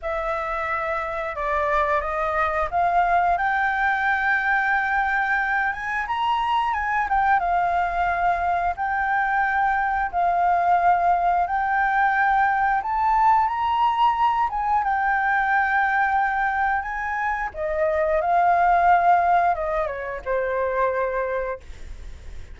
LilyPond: \new Staff \with { instrumentName = "flute" } { \time 4/4 \tempo 4 = 89 e''2 d''4 dis''4 | f''4 g''2.~ | g''8 gis''8 ais''4 gis''8 g''8 f''4~ | f''4 g''2 f''4~ |
f''4 g''2 a''4 | ais''4. gis''8 g''2~ | g''4 gis''4 dis''4 f''4~ | f''4 dis''8 cis''8 c''2 | }